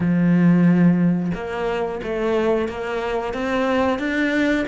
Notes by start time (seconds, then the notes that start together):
0.00 F3
1.34 A#3
2.03 A3
2.68 A#3
3.33 C4
3.98 D4